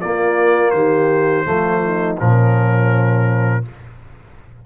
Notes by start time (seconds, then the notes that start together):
0.00 A#3 F4 D5
0.70 D#3 G4 C5
1.44 F3 A3 F4
1.84 D#4
2.18 A#2 F3 C#4 A#4